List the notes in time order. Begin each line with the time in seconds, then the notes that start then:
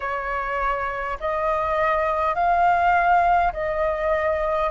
0.00 C#5
1.20 D#5
2.34 F5
3.52 D#5